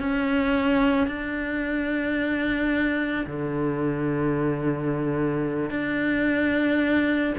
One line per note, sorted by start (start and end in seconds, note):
0.00 1.08 C#4
1.08 3.26 D4
3.27 5.71 D3
5.71 7.34 D4